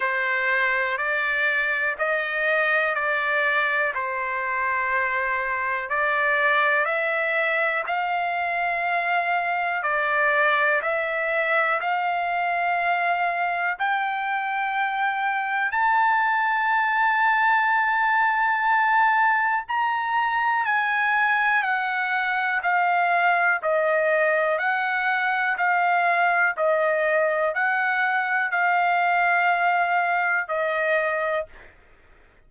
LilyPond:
\new Staff \with { instrumentName = "trumpet" } { \time 4/4 \tempo 4 = 61 c''4 d''4 dis''4 d''4 | c''2 d''4 e''4 | f''2 d''4 e''4 | f''2 g''2 |
a''1 | ais''4 gis''4 fis''4 f''4 | dis''4 fis''4 f''4 dis''4 | fis''4 f''2 dis''4 | }